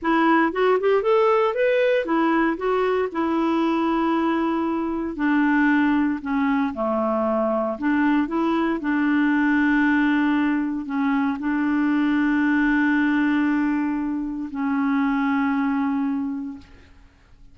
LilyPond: \new Staff \with { instrumentName = "clarinet" } { \time 4/4 \tempo 4 = 116 e'4 fis'8 g'8 a'4 b'4 | e'4 fis'4 e'2~ | e'2 d'2 | cis'4 a2 d'4 |
e'4 d'2.~ | d'4 cis'4 d'2~ | d'1 | cis'1 | }